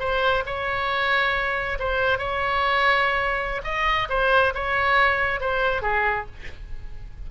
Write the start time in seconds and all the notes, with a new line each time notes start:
0.00 C5
0.46 C#5
1.80 C5
2.19 C#5
3.65 D#5
4.10 C5
4.55 C#5
5.41 C5
5.82 G#4